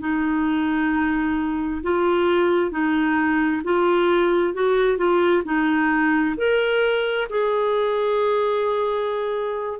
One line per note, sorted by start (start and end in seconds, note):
0.00 1.82 D#4
1.83 2.71 F4
2.71 3.62 D#4
3.64 4.54 F4
4.54 4.98 F#4
4.98 5.43 F4
5.45 6.36 D#4
6.37 7.28 A#4
7.30 9.79 G#4